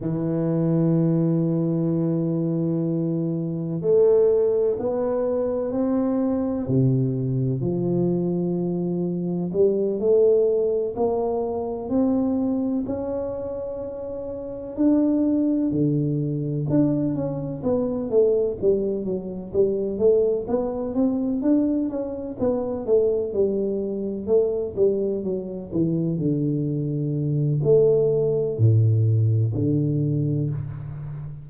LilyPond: \new Staff \with { instrumentName = "tuba" } { \time 4/4 \tempo 4 = 63 e1 | a4 b4 c'4 c4 | f2 g8 a4 ais8~ | ais8 c'4 cis'2 d'8~ |
d'8 d4 d'8 cis'8 b8 a8 g8 | fis8 g8 a8 b8 c'8 d'8 cis'8 b8 | a8 g4 a8 g8 fis8 e8 d8~ | d4 a4 a,4 d4 | }